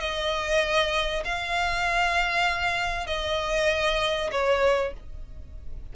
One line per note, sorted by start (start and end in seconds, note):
0.00 1.24 D#5
1.25 3.07 F5
3.07 4.31 D#5
4.32 4.94 C#5